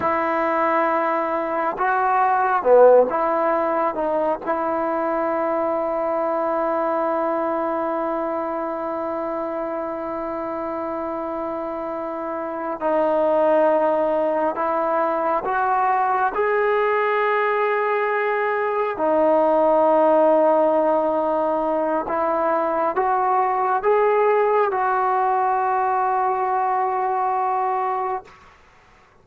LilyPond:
\new Staff \with { instrumentName = "trombone" } { \time 4/4 \tempo 4 = 68 e'2 fis'4 b8 e'8~ | e'8 dis'8 e'2.~ | e'1~ | e'2~ e'8 dis'4.~ |
dis'8 e'4 fis'4 gis'4.~ | gis'4. dis'2~ dis'8~ | dis'4 e'4 fis'4 gis'4 | fis'1 | }